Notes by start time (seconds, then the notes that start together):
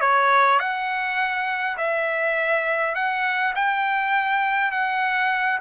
0.00 C#5
0.59 F#5
1.77 E5
2.95 F#5
3.55 G5
4.71 F#5